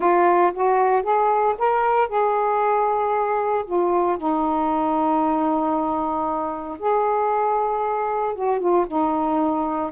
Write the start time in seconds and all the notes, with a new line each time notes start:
0.00 F4
0.53 F#4
1.02 G#4
1.58 A#4
2.08 G#4
3.65 F4
4.17 D#4
6.79 G#4
8.35 F#4
8.59 F4
8.87 D#4